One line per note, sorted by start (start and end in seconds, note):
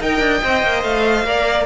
0.00 0.20 D#4
0.00 0.43 A#4
0.00 1.26 D#5
0.00 0.84 G5
0.20 0.40 D4
0.43 0.64 C4
0.43 1.27 C5
0.64 0.84 A#3
0.84 1.25 A3
0.84 1.67 F5
1.25 1.67 A#3
1.25 1.67 A#4
1.25 1.67 D5